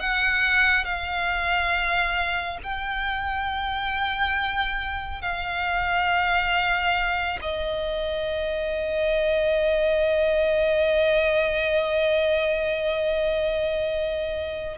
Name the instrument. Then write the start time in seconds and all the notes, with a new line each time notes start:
violin
0.00 F#5
0.85 F5
2.64 G5
5.22 F5
7.42 D#5